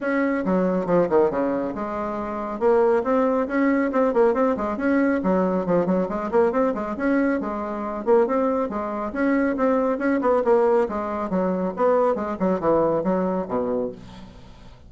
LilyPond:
\new Staff \with { instrumentName = "bassoon" } { \time 4/4 \tempo 4 = 138 cis'4 fis4 f8 dis8 cis4 | gis2 ais4 c'4 | cis'4 c'8 ais8 c'8 gis8 cis'4 | fis4 f8 fis8 gis8 ais8 c'8 gis8 |
cis'4 gis4. ais8 c'4 | gis4 cis'4 c'4 cis'8 b8 | ais4 gis4 fis4 b4 | gis8 fis8 e4 fis4 b,4 | }